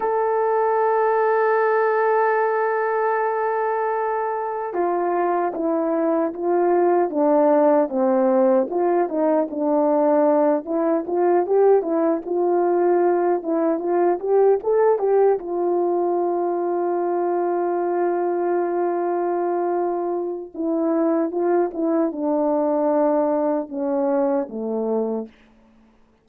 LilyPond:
\new Staff \with { instrumentName = "horn" } { \time 4/4 \tempo 4 = 76 a'1~ | a'2 f'4 e'4 | f'4 d'4 c'4 f'8 dis'8 | d'4. e'8 f'8 g'8 e'8 f'8~ |
f'4 e'8 f'8 g'8 a'8 g'8 f'8~ | f'1~ | f'2 e'4 f'8 e'8 | d'2 cis'4 a4 | }